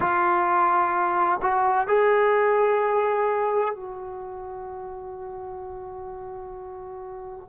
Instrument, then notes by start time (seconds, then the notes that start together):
trombone
0.00 F4
1.41 F#4
1.87 G#4
3.75 F#4